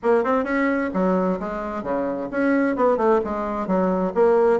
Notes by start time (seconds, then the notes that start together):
0.02 A#3
0.24 C4
0.44 C#4
0.93 F#3
1.39 G#3
1.83 C#3
2.30 C#4
2.75 B3
2.97 A3
3.24 G#3
3.67 F#3
4.14 A#3